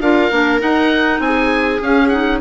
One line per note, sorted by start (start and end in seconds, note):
0.00 0.30 D4
0.00 0.31 F4
0.00 1.21 A#4
0.00 0.61 F5
0.31 0.61 A#3
0.31 0.59 D4
0.59 1.79 D#4
0.59 1.19 D#4
0.59 1.20 F#5
1.19 1.79 C4
1.19 2.40 G#4
1.19 1.80 G#5
1.81 2.40 C#4
1.81 2.11 C#4
1.81 2.08 F5
2.08 2.40 D#4
2.08 2.38 F#5